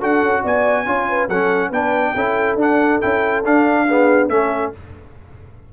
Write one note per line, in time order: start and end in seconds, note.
0.00 0.23 D4
0.00 0.86 F#4
0.00 0.43 A4
0.00 0.46 F#5
0.23 0.44 C#4
0.43 0.86 B3
0.43 0.86 D5
0.43 1.29 G#5
0.86 1.29 C#4
0.86 1.29 F4
0.86 1.09 C#5
1.10 1.30 B4
1.29 1.71 F#3
1.29 1.73 C#4
1.29 1.70 A4
1.29 1.72 F#5
1.70 2.14 B3
1.70 2.16 D4
1.70 2.12 B4
1.70 2.59 G5
2.15 2.56 C#4
2.15 2.59 E4
2.15 3.86 A4
2.56 2.99 D4
2.56 3.02 D4
2.56 3.02 F#5
3.02 3.45 C#4
3.02 3.44 E4
3.02 3.44 G5
3.45 4.30 D4
3.45 3.88 D4
3.45 4.30 F5
3.88 4.30 B3
3.88 4.30 G#4
4.30 4.73 A3
4.30 4.73 C#4
4.30 4.73 A4
4.30 4.72 E5